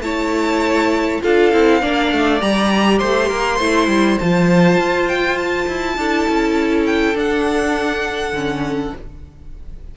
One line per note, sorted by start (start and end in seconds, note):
0.00 1.19 A3
0.00 1.23 E4
0.00 1.23 C#5
0.00 1.21 A5
1.23 1.53 D4
1.23 1.52 F4
1.23 1.82 A4
1.23 2.41 F5
1.52 1.83 C4
1.52 1.82 E4
1.82 2.12 A#3
1.82 2.40 D4
1.82 2.99 D5
2.13 2.42 A3
2.40 3.01 G3
2.40 3.59 G4
2.40 2.99 A#5
2.99 3.31 A3
2.99 3.28 C5
2.99 4.18 C6
3.28 3.60 A#3
3.28 3.57 A#4
3.57 3.88 A3
3.57 4.20 E4
3.57 5.95 C5
3.88 4.18 G3
4.19 4.78 F3
4.19 5.99 F4
4.19 5.08 A5
4.78 5.67 F4
5.09 5.38 G5
5.38 6.86 A5
5.68 5.98 E4
5.98 6.27 D4
5.98 7.15 E4
5.98 8.96 A4
6.29 7.15 C#4
6.86 7.16 G5
7.15 8.34 D4
7.15 8.33 D4
7.15 8.97 F#5
8.33 8.92 D3
8.33 8.94 C#4